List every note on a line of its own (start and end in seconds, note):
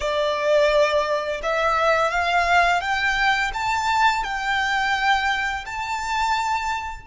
0.00 1.41 D5
1.42 2.10 E5
2.10 2.80 F5
2.80 3.51 G5
3.53 4.24 A5
4.24 5.65 G5
5.65 7.06 A5